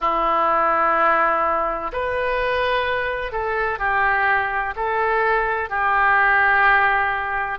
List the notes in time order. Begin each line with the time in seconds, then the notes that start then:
0.00 E4
1.92 B4
3.32 A4
3.78 G4
4.76 A4
5.69 G4